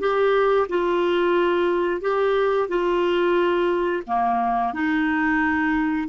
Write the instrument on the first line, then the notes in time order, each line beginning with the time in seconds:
clarinet
0.00 G4
0.69 F4
2.02 G4
2.68 F4
4.07 A#3
4.73 D#4